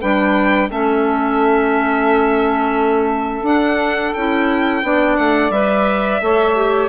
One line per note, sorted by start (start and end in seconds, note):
0.00 0.70 G3
0.00 0.70 D4
0.00 0.69 B4
0.00 0.70 G5
0.69 3.42 A3
0.69 3.45 C#4
0.69 4.83 A4
0.69 3.45 E5
3.42 4.11 D4
3.42 4.14 D4
3.42 4.14 F#5
4.14 4.82 C#4
4.14 4.83 E4
4.14 5.16 G5
4.82 5.17 B3
4.82 5.52 D4
4.82 6.22 D5
5.16 5.50 A3
5.16 5.51 F#5
5.50 6.19 G3
5.50 6.21 B4
5.50 6.88 E5
6.21 6.88 A3
6.21 6.55 A4
6.21 6.88 C#5
6.55 6.88 G4